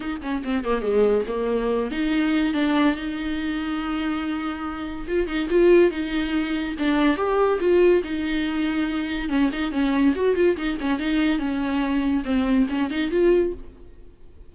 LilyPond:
\new Staff \with { instrumentName = "viola" } { \time 4/4 \tempo 4 = 142 dis'8 cis'8 c'8 ais8 gis4 ais4~ | ais8 dis'4. d'4 dis'4~ | dis'1 | f'8 dis'8 f'4 dis'2 |
d'4 g'4 f'4 dis'4~ | dis'2 cis'8 dis'8 cis'4 | fis'8 f'8 dis'8 cis'8 dis'4 cis'4~ | cis'4 c'4 cis'8 dis'8 f'4 | }